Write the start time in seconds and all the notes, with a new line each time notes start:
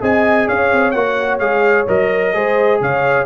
0.00 C4 G#4 D#5 G#5
0.47 C#4 C#5 F5
0.72 C4
0.91 A#3 F#4 F#5
1.39 G#3 G#4 F5
1.87 F#3 A#4 D#5
2.34 G#3 G#4 C5
2.80 C#3 C#5 F5